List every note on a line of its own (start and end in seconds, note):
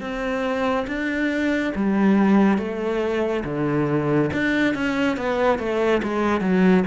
0.00 0.86 C4
0.87 1.73 D4
1.75 2.58 G3
2.58 3.44 A3
3.44 4.30 D3
4.33 4.74 D4
4.74 5.17 C#4
5.17 5.58 B3
5.58 6.01 A3
6.02 6.41 G#3
6.41 6.83 F#3